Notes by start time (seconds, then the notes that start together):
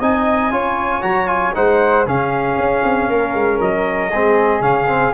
0.00 C4 D#4 D#5 G#5
0.51 C#4 F4 C#5
1.02 F#3 F#4 A#5
1.27 F4 G#5
1.55 G#3 D#4 C5 F#5
2.06 C#3 C#4 G#4 F5
2.58 C#4
2.84 C4
3.09 A#3 A#4
3.34 G#3
3.60 F#3 D#5
4.11 G#3 C4 G#4
4.61 C#3 C#4 F5
4.88 C4